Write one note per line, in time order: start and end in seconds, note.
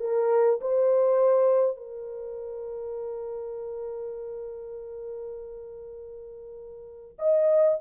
0.00 0.60 A#4
0.61 1.77 C5
1.77 7.17 A#4
7.19 7.79 D#5